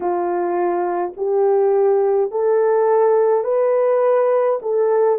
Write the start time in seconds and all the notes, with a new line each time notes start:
0.00 F4
1.16 G4
2.31 A4
3.44 B4
4.62 A4